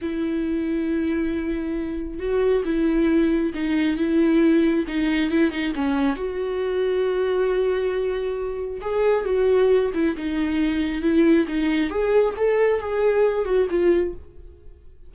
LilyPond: \new Staff \with { instrumentName = "viola" } { \time 4/4 \tempo 4 = 136 e'1~ | e'4 fis'4 e'2 | dis'4 e'2 dis'4 | e'8 dis'8 cis'4 fis'2~ |
fis'1 | gis'4 fis'4. e'8 dis'4~ | dis'4 e'4 dis'4 gis'4 | a'4 gis'4. fis'8 f'4 | }